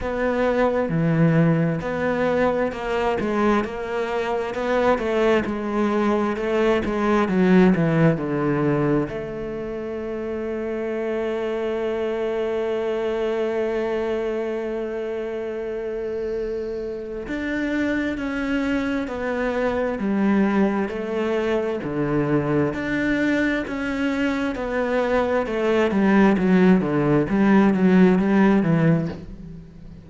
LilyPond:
\new Staff \with { instrumentName = "cello" } { \time 4/4 \tempo 4 = 66 b4 e4 b4 ais8 gis8 | ais4 b8 a8 gis4 a8 gis8 | fis8 e8 d4 a2~ | a1~ |
a2. d'4 | cis'4 b4 g4 a4 | d4 d'4 cis'4 b4 | a8 g8 fis8 d8 g8 fis8 g8 e8 | }